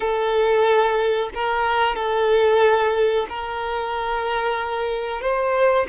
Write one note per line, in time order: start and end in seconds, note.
0.00 1.29 A4
1.34 1.95 A#4
1.95 3.26 A4
3.29 5.21 A#4
5.21 5.86 C5